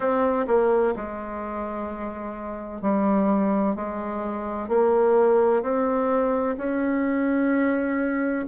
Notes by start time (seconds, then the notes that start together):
0.00 C4
0.47 A#3
0.95 G#3
2.81 G3
3.75 G#3
4.68 A#3
5.62 C4
6.57 C#4